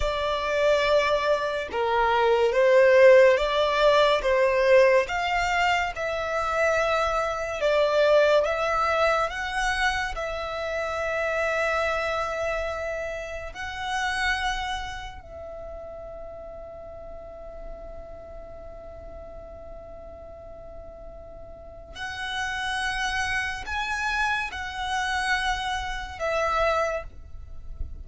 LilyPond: \new Staff \with { instrumentName = "violin" } { \time 4/4 \tempo 4 = 71 d''2 ais'4 c''4 | d''4 c''4 f''4 e''4~ | e''4 d''4 e''4 fis''4 | e''1 |
fis''2 e''2~ | e''1~ | e''2 fis''2 | gis''4 fis''2 e''4 | }